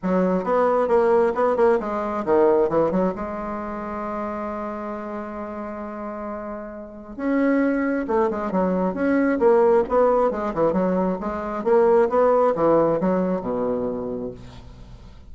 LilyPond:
\new Staff \with { instrumentName = "bassoon" } { \time 4/4 \tempo 4 = 134 fis4 b4 ais4 b8 ais8 | gis4 dis4 e8 fis8 gis4~ | gis1~ | gis1 |
cis'2 a8 gis8 fis4 | cis'4 ais4 b4 gis8 e8 | fis4 gis4 ais4 b4 | e4 fis4 b,2 | }